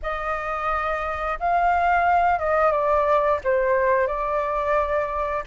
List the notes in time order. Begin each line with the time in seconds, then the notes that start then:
0.02 D#5
1.39 F5
2.39 D#5
2.71 D5
3.43 C5
4.07 D5